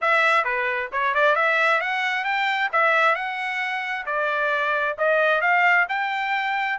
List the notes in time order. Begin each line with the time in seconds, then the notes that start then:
0.01 E5
0.44 B4
0.91 C#5
1.14 D5
1.35 E5
1.80 F#5
2.24 G5
2.72 E5
3.15 F#5
4.06 D5
4.98 D#5
5.41 F5
5.89 G5